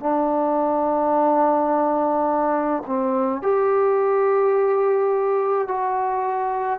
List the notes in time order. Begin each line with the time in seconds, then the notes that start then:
0.00 D4
2.86 C4
3.42 G4
5.68 F#4